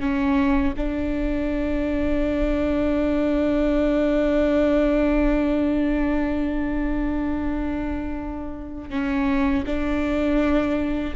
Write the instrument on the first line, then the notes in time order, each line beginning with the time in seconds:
viola
0.00 C#4
0.77 D4
8.90 C#4
9.66 D4